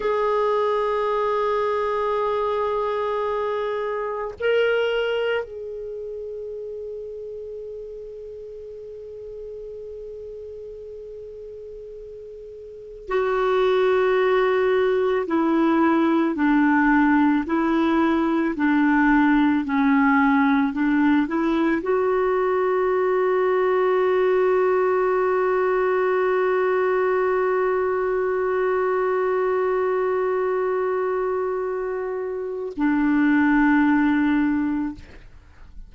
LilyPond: \new Staff \with { instrumentName = "clarinet" } { \time 4/4 \tempo 4 = 55 gis'1 | ais'4 gis'2.~ | gis'1 | fis'2 e'4 d'4 |
e'4 d'4 cis'4 d'8 e'8 | fis'1~ | fis'1~ | fis'2 d'2 | }